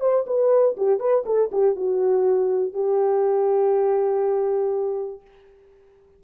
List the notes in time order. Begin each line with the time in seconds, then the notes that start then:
0.00 C5
0.26 B4
0.77 G4
0.99 B4
1.26 A4
1.51 G4
1.76 F#4
2.73 G4